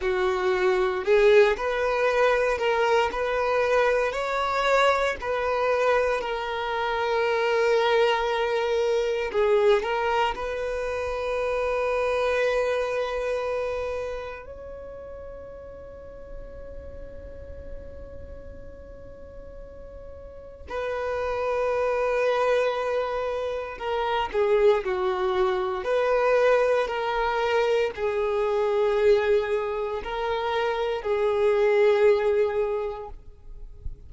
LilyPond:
\new Staff \with { instrumentName = "violin" } { \time 4/4 \tempo 4 = 58 fis'4 gis'8 b'4 ais'8 b'4 | cis''4 b'4 ais'2~ | ais'4 gis'8 ais'8 b'2~ | b'2 cis''2~ |
cis''1 | b'2. ais'8 gis'8 | fis'4 b'4 ais'4 gis'4~ | gis'4 ais'4 gis'2 | }